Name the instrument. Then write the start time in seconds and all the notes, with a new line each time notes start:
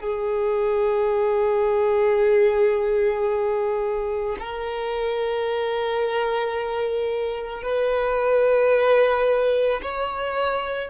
violin
0.00 G#4
4.39 A#4
7.63 B4
9.82 C#5